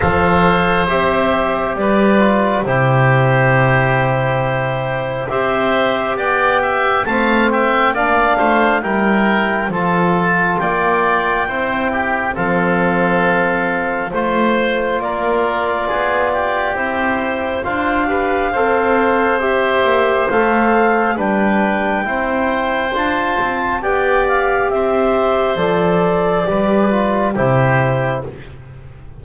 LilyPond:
<<
  \new Staff \with { instrumentName = "clarinet" } { \time 4/4 \tempo 4 = 68 f''4 e''4 d''4 c''4~ | c''2 e''4 g''4 | a''8 g''8 f''4 g''4 a''4 | g''2 f''2 |
c''4 d''2 c''4 | f''2 e''4 f''4 | g''2 a''4 g''8 f''8 | e''4 d''2 c''4 | }
  \new Staff \with { instrumentName = "oboe" } { \time 4/4 c''2 b'4 g'4~ | g'2 c''4 d''8 e''8 | f''8 e''8 d''8 c''8 ais'4 a'4 | d''4 c''8 g'8 a'2 |
c''4 ais'4 gis'8 g'4. | c''8 b'8 c''2. | b'4 c''2 d''4 | c''2 b'4 g'4 | }
  \new Staff \with { instrumentName = "trombone" } { \time 4/4 a'4 g'4. f'8 e'4~ | e'2 g'2 | c'4 d'4 e'4 f'4~ | f'4 e'4 c'2 |
f'2. e'4 | f'8 g'8 a'4 g'4 a'4 | d'4 e'4 f'4 g'4~ | g'4 a'4 g'8 f'8 e'4 | }
  \new Staff \with { instrumentName = "double bass" } { \time 4/4 f4 c'4 g4 c4~ | c2 c'4 b4 | a4 ais8 a8 g4 f4 | ais4 c'4 f2 |
a4 ais4 b4 c'4 | d'4 c'4. ais8 a4 | g4 c'4 d'8 c'8 b4 | c'4 f4 g4 c4 | }
>>